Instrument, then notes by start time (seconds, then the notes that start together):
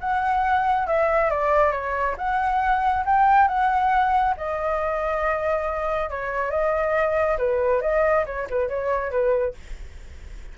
flute
0.00 F#5
0.87 E5
1.30 D5
1.72 C#5
2.17 F#5
3.05 G5
3.48 F#5
4.37 D#5
6.10 C#5
6.50 D#5
7.38 B4
7.81 D#5
8.25 C#5
8.50 B4
8.69 C#5
9.11 B4